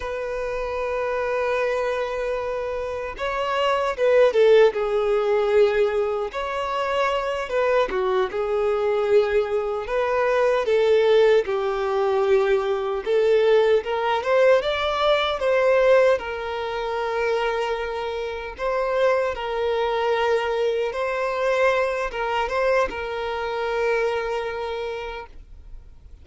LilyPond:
\new Staff \with { instrumentName = "violin" } { \time 4/4 \tempo 4 = 76 b'1 | cis''4 b'8 a'8 gis'2 | cis''4. b'8 fis'8 gis'4.~ | gis'8 b'4 a'4 g'4.~ |
g'8 a'4 ais'8 c''8 d''4 c''8~ | c''8 ais'2. c''8~ | c''8 ais'2 c''4. | ais'8 c''8 ais'2. | }